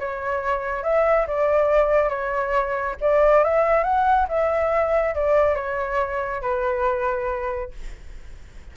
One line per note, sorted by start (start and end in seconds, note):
0.00 0.84 C#5
0.84 1.27 E5
1.28 2.10 D5
2.10 2.96 C#5
3.01 3.44 D5
3.44 3.84 E5
3.84 4.27 F#5
4.29 5.15 E5
5.15 5.56 D5
5.56 6.42 C#5
6.42 7.72 B4